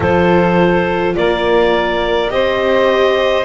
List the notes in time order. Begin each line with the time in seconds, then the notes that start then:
0.00 F3 F4 A4 C5
1.16 A#3 A#4 D5
2.28 C4 G4 C5 D#5